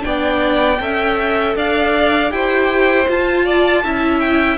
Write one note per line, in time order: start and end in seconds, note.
0.00 0.79 B3
0.00 0.76 D4
0.00 0.80 D5
0.00 1.55 G5
0.79 1.55 C#4
0.79 2.29 A4
0.79 1.56 E5
1.55 2.31 D4
1.55 2.32 D5
1.55 2.31 F5
2.29 3.07 E4
2.29 3.05 G4
2.29 3.45 C5
2.29 3.07 G5
3.07 3.83 F4
3.07 3.84 F4
3.07 4.19 A5
3.45 3.83 D5
3.84 4.57 C#4
3.84 4.57 E4
3.84 4.57 E5
4.19 4.57 G5